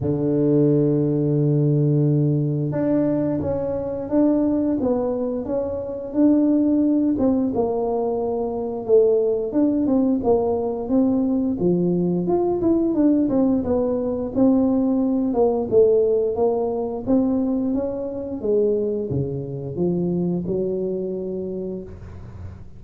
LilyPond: \new Staff \with { instrumentName = "tuba" } { \time 4/4 \tempo 4 = 88 d1 | d'4 cis'4 d'4 b4 | cis'4 d'4. c'8 ais4~ | ais4 a4 d'8 c'8 ais4 |
c'4 f4 f'8 e'8 d'8 c'8 | b4 c'4. ais8 a4 | ais4 c'4 cis'4 gis4 | cis4 f4 fis2 | }